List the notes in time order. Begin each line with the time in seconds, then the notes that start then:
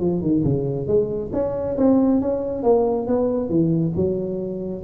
0.00 F3
0.21 D#3
0.44 C#3
0.87 G#3
1.33 C#4
1.77 C4
2.21 C#4
2.63 A#3
3.07 B3
3.49 E3
3.96 F#3